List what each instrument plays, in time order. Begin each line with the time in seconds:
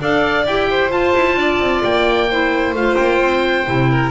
0.00 double bass D4, clarinet A4, violin D5, oboe F5
0.46 double bass E4, clarinet G4, oboe G5
0.70 violin C5
0.91 clarinet F4, double bass F4, oboe A5
1.15 double bass E4
1.36 double bass D4, violin D5
1.60 double bass C4
1.84 double bass A#3, oboe G5
2.30 clarinet E4, violin C5
2.73 double bass A3, clarinet F4, oboe F5
2.96 double bass A#3, oboe G5
3.21 double bass C4
3.66 double bass C3, clarinet E4
3.91 violin A#4